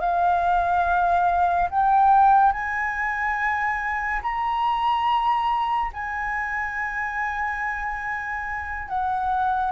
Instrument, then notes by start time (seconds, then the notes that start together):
flute
0.00 F5
1.70 G5
2.52 G#5
4.23 A#5
5.93 G#5
8.88 F#5